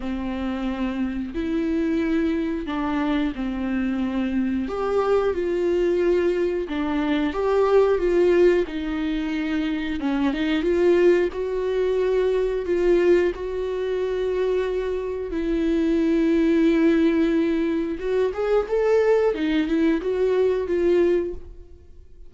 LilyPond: \new Staff \with { instrumentName = "viola" } { \time 4/4 \tempo 4 = 90 c'2 e'2 | d'4 c'2 g'4 | f'2 d'4 g'4 | f'4 dis'2 cis'8 dis'8 |
f'4 fis'2 f'4 | fis'2. e'4~ | e'2. fis'8 gis'8 | a'4 dis'8 e'8 fis'4 f'4 | }